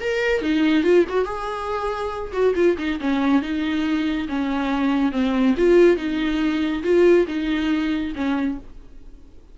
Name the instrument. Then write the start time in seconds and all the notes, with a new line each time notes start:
viola
0.00 A#4
0.41 D#4
0.83 F4
1.09 F#4
1.24 G#4
2.32 F#4
2.55 F4
2.78 D#4
3.00 C#4
3.41 D#4
4.28 C#4
5.11 C4
5.57 F4
5.96 D#4
6.83 F4
7.27 D#4
8.15 C#4